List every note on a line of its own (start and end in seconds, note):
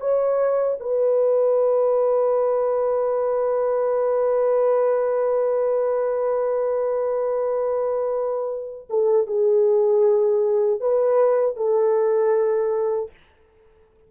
0.00 0.77 C#5
0.80 8.87 B4
8.90 9.27 A4
9.27 10.80 G#4
10.80 11.56 B4
11.56 13.10 A4